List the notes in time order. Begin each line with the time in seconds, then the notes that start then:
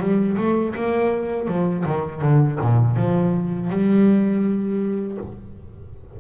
0.00 G3
0.37 A3
0.75 A#3
1.48 F3
1.86 D#3
2.22 D3
2.61 A#2
2.96 F3
3.70 G3